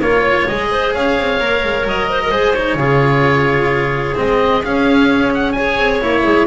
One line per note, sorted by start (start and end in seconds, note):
0.00 0.46 A#3
0.00 0.49 F4
0.00 0.21 A#4
0.00 0.47 C#5
0.21 0.67 C#5
0.47 0.95 G#3
0.47 1.40 G#4
0.47 0.93 D#5
0.71 0.94 C5
0.94 1.18 C#4
0.94 2.10 C#5
0.94 1.87 F5
1.18 1.40 C4
1.40 1.63 A#3
1.40 2.32 A#4
1.63 1.85 G#3
1.85 2.31 F#3
1.85 2.54 D#5
2.10 2.21 C5
2.22 2.30 A#4
2.30 2.75 G#3
2.30 2.55 G#4
2.30 2.77 C5
2.54 2.79 D#4
2.54 4.15 C#5
2.75 4.13 C#3
2.75 4.15 F4
2.75 5.55 G#4
4.15 4.65 G#3
4.15 4.61 C4
4.15 4.64 D#5
4.64 5.57 C#4
4.64 5.78 C#4
4.64 5.33 F5
5.34 5.52 F#5
5.52 6.02 G#4
5.52 6.23 C#5
5.52 5.98 G#5
5.78 6.01 C4
6.02 6.25 A#3
6.02 6.47 E4
6.02 6.47 C#5
6.23 6.47 G#3
6.23 6.47 G#4